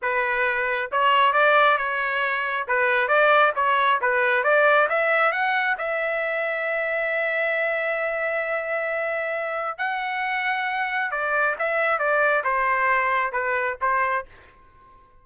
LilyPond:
\new Staff \with { instrumentName = "trumpet" } { \time 4/4 \tempo 4 = 135 b'2 cis''4 d''4 | cis''2 b'4 d''4 | cis''4 b'4 d''4 e''4 | fis''4 e''2.~ |
e''1~ | e''2 fis''2~ | fis''4 d''4 e''4 d''4 | c''2 b'4 c''4 | }